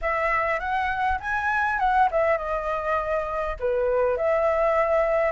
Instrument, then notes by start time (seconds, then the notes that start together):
flute
0.01 E5
0.59 F#5
1.19 G#5
1.79 F#5
2.11 E5
2.37 D#5
3.59 B4
4.17 E5